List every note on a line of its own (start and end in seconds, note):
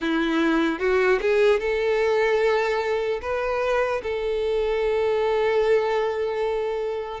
0.00 0.79 E4
0.79 1.19 F#4
1.21 1.60 G#4
1.60 3.20 A4
3.21 4.01 B4
4.02 7.20 A4